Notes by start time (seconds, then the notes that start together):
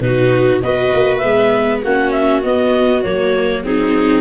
0.00 B2 D#4 F#4 B4
0.62 B3 F#4 B4 D#5
0.93 A#3
1.17 B3 E5
1.23 G#3
1.83 A#3 C#4 F#4 F#5
2.11 E5
2.42 B3 D#5
3.03 F#3 A#3 C#5
3.63 C4 D#4 G#4